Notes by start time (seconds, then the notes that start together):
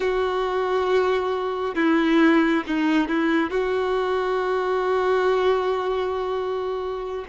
0.00 F#4
1.75 E4
2.66 D#4
3.08 E4
3.50 F#4